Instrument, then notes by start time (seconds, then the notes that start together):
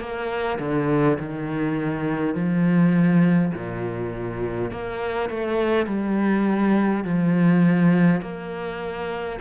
cello
0.00 A#3
0.59 D3
1.20 D#3
2.35 F3
3.55 A#2
4.72 A#3
5.29 A3
5.87 G3
7.04 F3
8.22 A#3